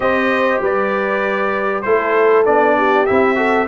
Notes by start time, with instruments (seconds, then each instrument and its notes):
0.00 tuba C4, trombone G4, horn C5, trumpet D#5
0.60 tuba G3, horn B4, trumpet D5
1.82 tuba A3, trombone E4, horn A4, trumpet C5
2.45 tuba B3, trombone D4, trumpet D5
2.77 horn G4
3.06 tuba C4, trombone E4, trumpet E5
3.35 trombone F#4, horn A4